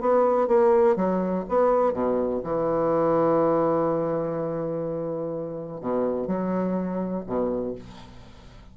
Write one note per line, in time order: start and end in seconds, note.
0.00 0.47 B3
0.47 0.95 A#3
0.95 1.44 F#3
1.48 1.93 B3
1.93 2.41 B2
2.43 5.80 E3
5.80 6.27 B2
6.27 7.24 F#3
7.26 7.74 B2